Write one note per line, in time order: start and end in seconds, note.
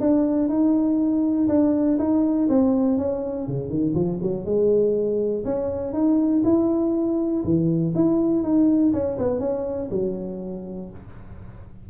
0.00 0.48 D4
0.48 1.48 D#4
1.48 1.97 D4
1.99 2.48 D#4
2.49 2.98 C4
2.98 3.47 C#4
3.47 3.69 C#3
3.69 3.94 D#3
3.94 4.19 F3
4.22 4.45 F#3
4.45 5.44 G#3
5.44 5.93 C#4
5.93 6.42 D#4
6.44 7.43 E4
7.44 7.94 E3
7.95 8.43 E4
8.43 8.93 D#4
8.93 9.18 C#4
9.18 9.39 B3
9.39 9.89 C#4
9.91 10.90 F#3